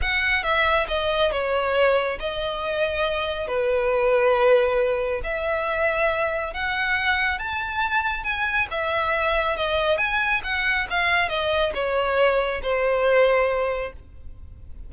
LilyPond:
\new Staff \with { instrumentName = "violin" } { \time 4/4 \tempo 4 = 138 fis''4 e''4 dis''4 cis''4~ | cis''4 dis''2. | b'1 | e''2. fis''4~ |
fis''4 a''2 gis''4 | e''2 dis''4 gis''4 | fis''4 f''4 dis''4 cis''4~ | cis''4 c''2. | }